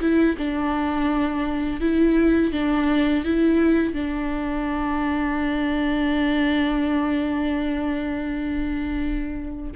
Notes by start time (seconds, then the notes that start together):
0.00 E4
0.37 D4
1.80 E4
2.52 D4
3.24 E4
3.93 D4